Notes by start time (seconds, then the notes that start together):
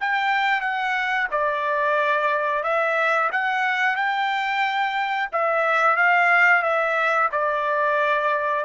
0.00 G5
0.61 F#5
1.31 D5
2.63 E5
3.32 F#5
3.96 G5
5.32 E5
5.96 F5
6.62 E5
7.32 D5